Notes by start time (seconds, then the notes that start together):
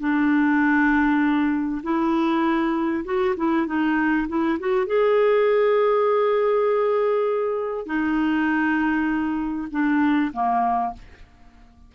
0.00 D4
1.83 E4
3.05 F#4
3.37 E4
3.67 D#4
4.28 E4
4.60 F#4
4.87 G#4
7.87 D#4
9.71 D4
10.33 A#3